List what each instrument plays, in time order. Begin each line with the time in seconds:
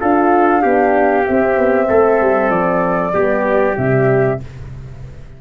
0.00 tuba D4, horn F4, trumpet A4, flute F5
0.62 tuba B3, horn D4, trumpet G4
1.25 horn C4, tuba C4, flute E5
1.57 tuba B3
1.89 tuba A3, trumpet A4
2.21 tuba G3
2.50 tuba F3, flute D5
3.14 tuba G3, horn B3, trumpet G4
3.77 tuba C3, horn G3, flute E5